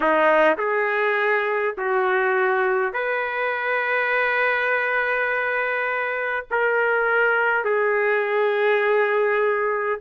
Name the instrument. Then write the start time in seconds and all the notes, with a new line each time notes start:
trumpet
0.00 D#4
0.57 G#4
1.77 F#4
2.93 B4
6.51 A#4
7.64 G#4